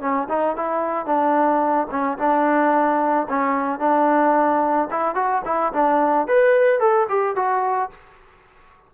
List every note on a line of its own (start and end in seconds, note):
0.00 0.27 C#4
0.28 0.56 D#4
0.56 1.05 E4
1.05 1.87 D4
1.90 2.17 C#4
2.18 3.27 D4
3.29 3.79 C#4
3.79 4.88 D4
4.90 5.14 E4
5.14 5.42 F#4
5.45 5.72 E4
5.72 6.27 D4
6.27 6.79 B4
6.79 7.07 A4
7.09 7.35 G4
7.35 7.90 F#4